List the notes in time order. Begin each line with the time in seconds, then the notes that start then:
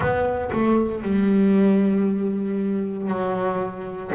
0.00 B3
0.52 A3
1.02 G3
3.08 F#3